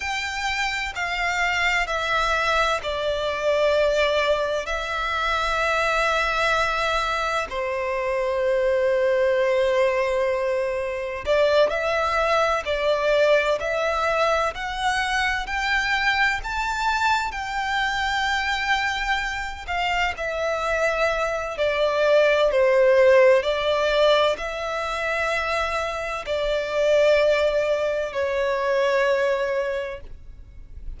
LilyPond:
\new Staff \with { instrumentName = "violin" } { \time 4/4 \tempo 4 = 64 g''4 f''4 e''4 d''4~ | d''4 e''2. | c''1 | d''8 e''4 d''4 e''4 fis''8~ |
fis''8 g''4 a''4 g''4.~ | g''4 f''8 e''4. d''4 | c''4 d''4 e''2 | d''2 cis''2 | }